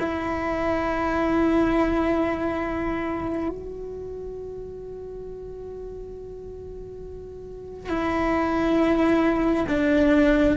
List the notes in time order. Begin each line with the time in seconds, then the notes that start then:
0.00 E4
3.49 F#4
7.89 E4
9.68 D4